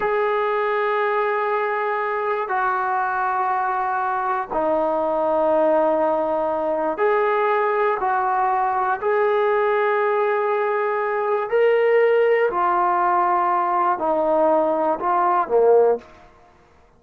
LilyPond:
\new Staff \with { instrumentName = "trombone" } { \time 4/4 \tempo 4 = 120 gis'1~ | gis'4 fis'2.~ | fis'4 dis'2.~ | dis'2 gis'2 |
fis'2 gis'2~ | gis'2. ais'4~ | ais'4 f'2. | dis'2 f'4 ais4 | }